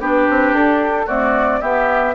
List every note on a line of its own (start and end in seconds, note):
0.00 0.27 B3
0.00 1.07 D4
0.00 1.06 G4
0.00 0.55 B4
0.30 0.53 C4
0.53 1.06 D4
0.53 1.08 A4
1.06 1.61 A3
1.06 1.62 C4
1.06 1.60 F#4
1.06 1.61 D5
1.61 2.15 B3
1.61 2.15 G4
1.61 2.15 E5